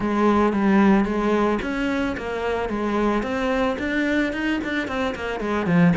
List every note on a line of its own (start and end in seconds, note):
0.00 0.53 G#3
0.53 1.04 G3
1.04 1.58 G#3
1.61 2.15 C#4
2.17 2.69 A#3
2.69 3.22 G#3
3.22 3.76 C4
3.78 4.32 D4
4.32 4.59 D#4
4.63 4.87 D4
4.87 5.14 C4
5.15 5.40 A#3
5.40 5.66 G#3
5.66 5.93 F3